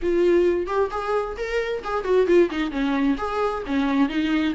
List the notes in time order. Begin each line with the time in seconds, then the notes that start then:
0.02 F4
0.67 G4
0.90 G#4
1.37 A#4
1.83 G#4
2.04 F#4
2.26 F4
2.50 D#4
2.71 C#4
3.17 G#4
3.66 C#4
4.08 D#4